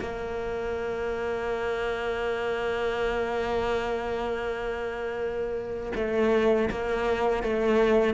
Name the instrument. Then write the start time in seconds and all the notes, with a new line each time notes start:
cello
0.00 A#3
5.96 A3
6.71 A#3
7.43 A3